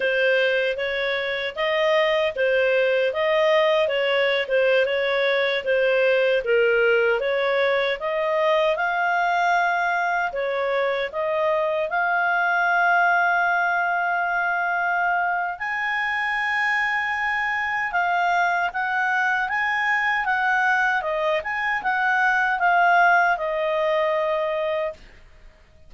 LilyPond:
\new Staff \with { instrumentName = "clarinet" } { \time 4/4 \tempo 4 = 77 c''4 cis''4 dis''4 c''4 | dis''4 cis''8. c''8 cis''4 c''8.~ | c''16 ais'4 cis''4 dis''4 f''8.~ | f''4~ f''16 cis''4 dis''4 f''8.~ |
f''1 | gis''2. f''4 | fis''4 gis''4 fis''4 dis''8 gis''8 | fis''4 f''4 dis''2 | }